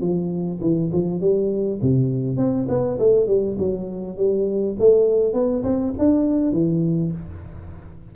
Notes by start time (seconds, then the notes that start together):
0.00 F3
0.60 E3
0.92 F3
1.20 G3
1.81 C3
2.37 C4
2.68 B3
2.99 A3
3.26 G3
3.58 F#3
4.17 G3
4.78 A3
5.33 B3
5.63 C4
5.98 D4
6.52 E3